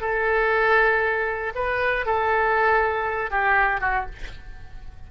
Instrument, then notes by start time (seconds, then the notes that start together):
oboe
0.00 A4
1.55 B4
2.05 A4
3.30 G4
3.80 F#4